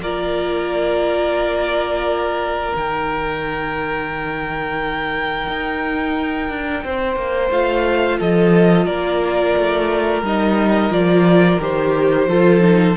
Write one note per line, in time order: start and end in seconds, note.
0.00 2.73 A#3
0.00 2.74 F4
0.00 6.84 A#4
0.00 2.74 D5
2.74 5.47 D#3
2.74 7.51 D#4
2.74 7.52 G5
5.47 6.49 D#4
6.49 6.83 D4
6.83 7.16 C4
6.83 8.18 C5
7.16 7.50 A#3
7.51 8.19 A3
7.51 10.24 F4
7.51 8.20 F5
8.18 8.87 F3
8.18 8.85 A4
8.18 8.86 D#5
8.85 9.55 A#3
8.85 12.26 A#4
8.85 10.22 D5
9.57 10.22 A3
10.22 10.90 G3
10.22 10.91 D#4
10.22 10.92 D#5
10.90 11.58 F3
10.90 11.59 F4
10.90 11.61 D5
11.59 12.27 D#3
11.59 12.28 G4
11.59 12.97 C5
12.27 12.95 F3
12.27 12.60 F4
12.27 12.97 A4
12.60 12.94 D#4